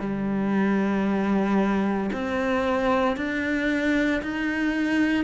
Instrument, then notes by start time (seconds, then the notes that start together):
cello
0.00 G3
2.12 C4
3.17 D4
4.22 D#4